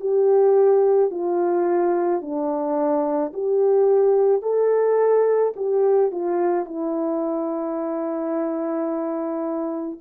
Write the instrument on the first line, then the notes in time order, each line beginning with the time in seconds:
horn
0.00 G4
1.11 F4
2.21 D4
3.33 G4
4.42 A4
5.56 G4
6.11 F4
6.65 E4